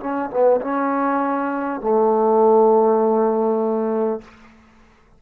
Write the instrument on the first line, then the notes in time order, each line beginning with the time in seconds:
trombone
0.00 C#4
0.31 B3
0.62 C#4
1.81 A3